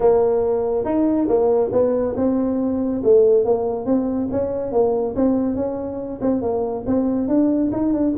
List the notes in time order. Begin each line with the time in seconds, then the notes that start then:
0.00 A#3
0.84 D#4
1.28 A#3
1.72 B3
2.16 C4
3.03 A3
3.44 A#3
3.85 C4
4.31 C#4
4.72 A#3
5.15 C4
5.55 C#4
6.21 C4
6.41 A#3
6.86 C4
7.27 D4
7.72 D#4
7.93 D4